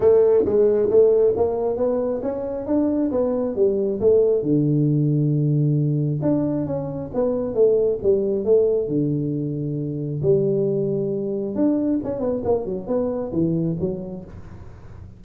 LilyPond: \new Staff \with { instrumentName = "tuba" } { \time 4/4 \tempo 4 = 135 a4 gis4 a4 ais4 | b4 cis'4 d'4 b4 | g4 a4 d2~ | d2 d'4 cis'4 |
b4 a4 g4 a4 | d2. g4~ | g2 d'4 cis'8 b8 | ais8 fis8 b4 e4 fis4 | }